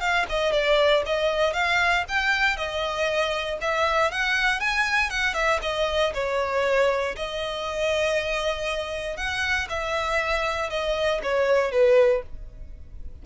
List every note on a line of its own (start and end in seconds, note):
0.00 0.25 F5
0.29 0.52 D#5
0.52 1.03 D5
1.06 1.53 D#5
1.53 2.04 F5
2.08 2.57 G5
2.57 3.58 D#5
3.61 4.11 E5
4.11 4.60 F#5
4.60 5.10 G#5
5.10 5.34 F#5
5.34 5.60 E5
5.62 6.13 D#5
6.14 7.16 C#5
7.16 9.17 D#5
9.17 9.68 F#5
9.69 10.70 E5
10.70 11.21 D#5
11.23 11.72 C#5
11.72 12.22 B4